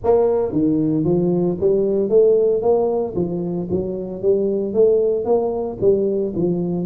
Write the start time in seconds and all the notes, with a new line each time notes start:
0.03 A#3
0.52 D#3
1.04 F3
1.60 G3
2.09 A3
2.61 A#3
3.15 F3
3.70 F#3
4.22 G3
4.73 A3
5.24 A#3
5.81 G3
6.35 F3